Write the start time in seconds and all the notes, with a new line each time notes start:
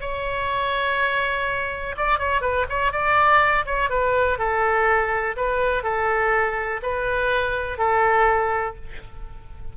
0.00 C#5
1.96 D5
2.18 C#5
2.41 B4
2.69 C#5
2.92 D5
3.65 C#5
3.89 B4
4.38 A4
5.36 B4
5.83 A4
6.82 B4
7.78 A4